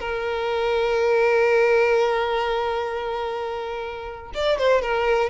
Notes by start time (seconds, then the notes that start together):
0.00 A#4
4.35 D5
4.58 C5
4.82 A#4